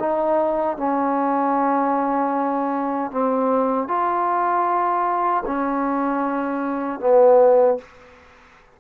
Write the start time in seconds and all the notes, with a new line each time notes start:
0.00 D#4
0.78 C#4
3.11 C4
3.88 F4
5.47 C#4
7.00 B3